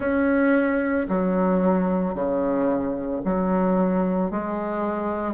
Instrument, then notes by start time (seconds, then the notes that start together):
bassoon
0.00 C#4
1.08 F#3
2.14 C#3
3.24 F#3
4.31 G#3